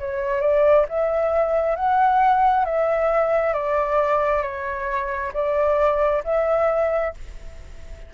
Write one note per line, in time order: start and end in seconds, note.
0.00 0.41 C#5
0.41 0.86 D5
0.89 1.76 E5
1.76 2.66 F#5
2.66 3.54 E5
3.54 4.43 D5
4.43 5.32 C#5
5.34 6.24 D5
6.24 7.14 E5